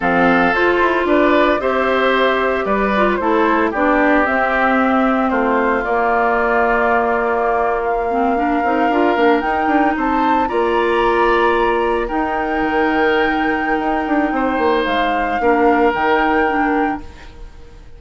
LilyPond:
<<
  \new Staff \with { instrumentName = "flute" } { \time 4/4 \tempo 4 = 113 f''4 c''4 d''4 e''4~ | e''4 d''4 c''4 d''4 | e''2 c''4 d''4~ | d''2~ d''8. f''4~ f''16~ |
f''4.~ f''16 g''4 a''4 ais''16~ | ais''2~ ais''8. g''4~ g''16~ | g''1 | f''2 g''2 | }
  \new Staff \with { instrumentName = "oboe" } { \time 4/4 a'2 b'4 c''4~ | c''4 b'4 a'4 g'4~ | g'2 f'2~ | f'2.~ f'8. ais'16~ |
ais'2~ ais'8. c''4 d''16~ | d''2~ d''8. ais'4~ ais'16~ | ais'2. c''4~ | c''4 ais'2. | }
  \new Staff \with { instrumentName = "clarinet" } { \time 4/4 c'4 f'2 g'4~ | g'4. f'8 e'4 d'4 | c'2. ais4~ | ais2.~ ais16 c'8 d'16~ |
d'16 dis'8 f'8 d'8 dis'2 f'16~ | f'2~ f'8. dis'4~ dis'16~ | dis'1~ | dis'4 d'4 dis'4 d'4 | }
  \new Staff \with { instrumentName = "bassoon" } { \time 4/4 f4 f'8 e'8 d'4 c'4~ | c'4 g4 a4 b4 | c'2 a4 ais4~ | ais1~ |
ais16 c'8 d'8 ais8 dis'8 d'8 c'4 ais16~ | ais2~ ais8. dis'4 dis16~ | dis2 dis'8 d'8 c'8 ais8 | gis4 ais4 dis2 | }
>>